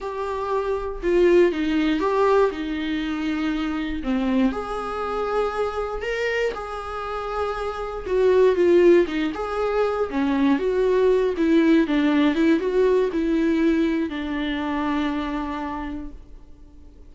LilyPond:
\new Staff \with { instrumentName = "viola" } { \time 4/4 \tempo 4 = 119 g'2 f'4 dis'4 | g'4 dis'2. | c'4 gis'2. | ais'4 gis'2. |
fis'4 f'4 dis'8 gis'4. | cis'4 fis'4. e'4 d'8~ | d'8 e'8 fis'4 e'2 | d'1 | }